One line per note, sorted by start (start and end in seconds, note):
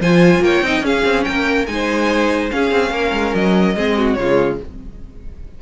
0.00 0.40 F3
0.00 0.64 F4
0.00 0.42 C5
0.00 0.43 G#5
0.40 0.61 A#3
0.40 0.65 C#5
0.40 0.85 G5
0.62 0.80 C4
0.62 0.82 D#4
0.62 0.84 D#5
0.80 1.01 C#4
0.80 1.65 C#4
0.80 1.25 G#4
0.80 1.24 F5
1.04 1.25 C4
1.24 1.67 A#3
1.24 1.69 A#4
1.24 1.65 G5
1.66 2.50 G#3
1.66 2.50 D#4
1.66 2.49 G#5
1.73 2.53 C5
2.50 3.75 C#4
2.50 2.71 C#4
2.50 2.92 G#4
2.50 3.34 F5
2.71 2.90 C4
2.90 3.11 A#3
2.90 3.75 A#4
3.12 3.33 G#3
3.34 3.75 F#3
3.34 4.13 D#5
3.75 4.16 G#3
3.75 4.17 C4
3.75 3.97 G#4
3.97 4.18 F#4
4.13 4.59 C#3
4.13 4.60 F4
4.13 4.55 C#5
4.19 4.61 G#3